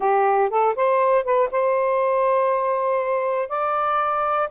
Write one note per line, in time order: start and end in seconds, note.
0.00 0.50 G4
0.50 0.75 A4
0.75 1.24 C5
1.24 1.49 B4
1.51 3.49 C5
3.49 4.49 D5